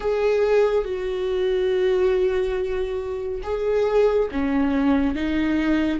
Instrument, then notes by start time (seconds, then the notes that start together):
viola
0.00 G#4
0.84 F#4
3.43 G#4
4.31 C#4
5.15 D#4